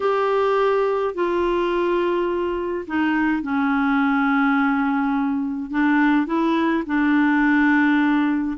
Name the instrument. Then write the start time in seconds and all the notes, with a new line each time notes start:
clarinet
0.00 G4
1.14 F4
2.87 D#4
3.42 C#4
5.70 D4
6.26 E4
6.86 D4